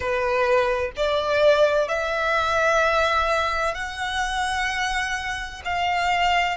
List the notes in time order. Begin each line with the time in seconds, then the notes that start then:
0.00 B4
0.96 D5
1.88 E5
3.74 F#5
5.65 F5